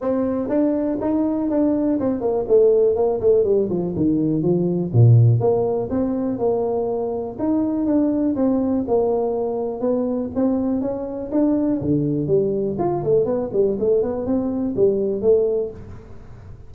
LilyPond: \new Staff \with { instrumentName = "tuba" } { \time 4/4 \tempo 4 = 122 c'4 d'4 dis'4 d'4 | c'8 ais8 a4 ais8 a8 g8 f8 | dis4 f4 ais,4 ais4 | c'4 ais2 dis'4 |
d'4 c'4 ais2 | b4 c'4 cis'4 d'4 | d4 g4 f'8 a8 b8 g8 | a8 b8 c'4 g4 a4 | }